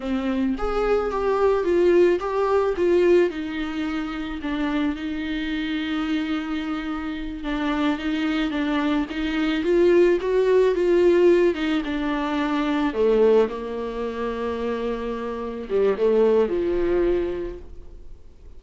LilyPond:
\new Staff \with { instrumentName = "viola" } { \time 4/4 \tempo 4 = 109 c'4 gis'4 g'4 f'4 | g'4 f'4 dis'2 | d'4 dis'2.~ | dis'4. d'4 dis'4 d'8~ |
d'8 dis'4 f'4 fis'4 f'8~ | f'4 dis'8 d'2 a8~ | a8 ais2.~ ais8~ | ais8 g8 a4 f2 | }